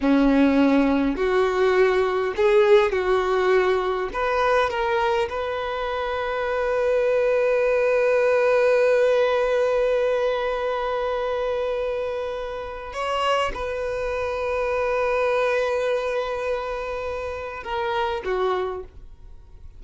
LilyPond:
\new Staff \with { instrumentName = "violin" } { \time 4/4 \tempo 4 = 102 cis'2 fis'2 | gis'4 fis'2 b'4 | ais'4 b'2.~ | b'1~ |
b'1~ | b'2 cis''4 b'4~ | b'1~ | b'2 ais'4 fis'4 | }